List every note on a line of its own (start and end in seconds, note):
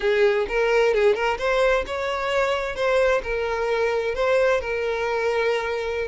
0.00 0.46 G#4
0.48 0.94 A#4
0.94 1.14 G#4
1.14 1.37 A#4
1.38 1.84 C5
1.86 2.75 C#5
2.75 3.21 C5
3.23 4.15 A#4
4.15 4.60 C5
4.60 6.08 A#4